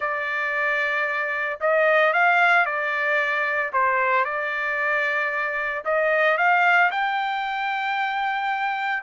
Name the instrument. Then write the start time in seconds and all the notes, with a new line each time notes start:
trumpet
0.00 D5
1.60 D#5
2.13 F5
2.65 D5
3.73 C5
4.24 D5
5.84 D#5
6.37 F5
6.91 G5